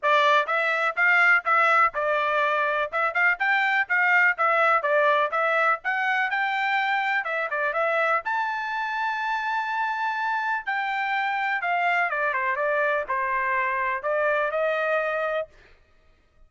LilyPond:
\new Staff \with { instrumentName = "trumpet" } { \time 4/4 \tempo 4 = 124 d''4 e''4 f''4 e''4 | d''2 e''8 f''8 g''4 | f''4 e''4 d''4 e''4 | fis''4 g''2 e''8 d''8 |
e''4 a''2.~ | a''2 g''2 | f''4 d''8 c''8 d''4 c''4~ | c''4 d''4 dis''2 | }